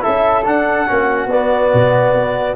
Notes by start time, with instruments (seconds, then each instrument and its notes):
0.00 trombone E4, flute A4, clarinet E5
0.06 tuba C#4
0.44 trombone D4, tuba D4, clarinet F#5
0.86 tuba A#3, trombone C#4, flute F#4
1.26 tuba B3, clarinet D5
1.32 trombone B3
1.74 tuba B2
2.13 tuba B3